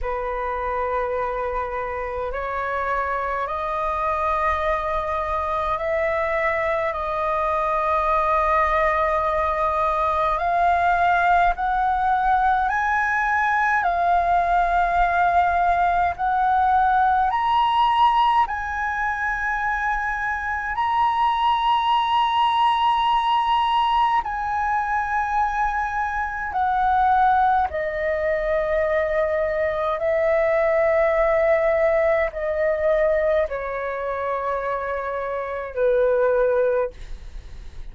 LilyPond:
\new Staff \with { instrumentName = "flute" } { \time 4/4 \tempo 4 = 52 b'2 cis''4 dis''4~ | dis''4 e''4 dis''2~ | dis''4 f''4 fis''4 gis''4 | f''2 fis''4 ais''4 |
gis''2 ais''2~ | ais''4 gis''2 fis''4 | dis''2 e''2 | dis''4 cis''2 b'4 | }